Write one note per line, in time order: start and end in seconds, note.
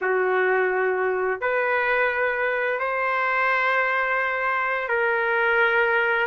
0.01 1.40 F#4
1.40 2.79 B4
2.79 4.88 C5
4.88 6.27 A#4